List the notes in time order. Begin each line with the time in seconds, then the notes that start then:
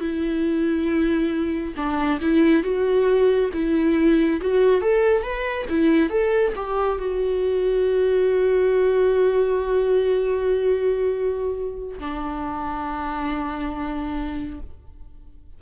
0.00 E4
1.77 D4
2.21 E4
2.63 F#4
3.54 E4
4.41 F#4
4.82 A4
5.23 B4
5.69 E4
6.10 A4
6.56 G4
6.99 F#4
11.99 D4